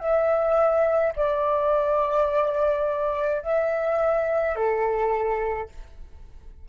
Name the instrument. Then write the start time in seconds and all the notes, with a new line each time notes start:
flute
0.00 E5
1.17 D5
3.43 E5
4.56 A4